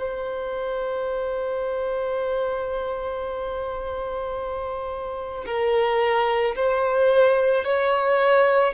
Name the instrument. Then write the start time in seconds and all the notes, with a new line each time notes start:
violin
0.00 C5
5.46 A#4
6.56 C5
7.65 C#5